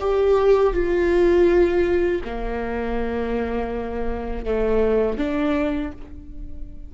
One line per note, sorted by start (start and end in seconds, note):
0.00 0.73 G4
0.73 2.21 F4
2.24 4.45 A#3
4.45 5.17 A3
5.17 5.91 D4